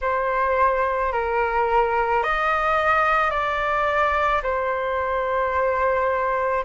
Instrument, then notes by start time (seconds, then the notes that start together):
flute
0.01 C5
1.12 A#4
2.23 D#5
3.30 D5
4.42 C5